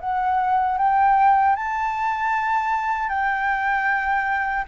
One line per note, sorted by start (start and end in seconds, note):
0.00 0.78 F#5
0.78 1.56 G5
1.56 3.09 A5
3.09 4.65 G5